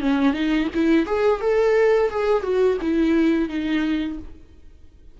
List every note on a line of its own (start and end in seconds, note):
0.00 0.33 C#4
0.33 0.68 D#4
0.74 1.06 E4
1.06 1.40 G#4
1.40 2.10 A4
2.10 2.43 G#4
2.43 2.77 F#4
2.81 3.49 E4
3.49 4.18 D#4